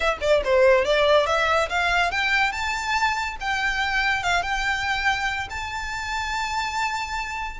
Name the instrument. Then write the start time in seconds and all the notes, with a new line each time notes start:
violin
0.00 E5
0.20 D5
0.44 C5
0.85 D5
1.26 E5
1.69 F5
2.11 G5
2.52 A5
3.40 G5
4.23 F5
4.42 G5
5.49 A5